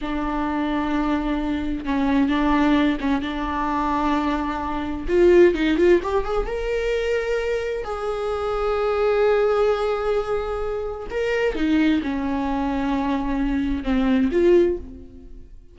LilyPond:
\new Staff \with { instrumentName = "viola" } { \time 4/4 \tempo 4 = 130 d'1 | cis'4 d'4. cis'8 d'4~ | d'2. f'4 | dis'8 f'8 g'8 gis'8 ais'2~ |
ais'4 gis'2.~ | gis'1 | ais'4 dis'4 cis'2~ | cis'2 c'4 f'4 | }